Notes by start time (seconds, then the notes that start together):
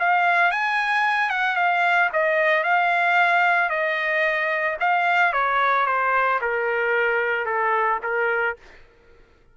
0.00 F5
0.52 G#5
1.30 F#5
1.56 F5
2.13 D#5
2.64 F5
3.70 D#5
4.80 F5
5.33 C#5
5.86 C5
6.42 A#4
7.46 A4
8.03 A#4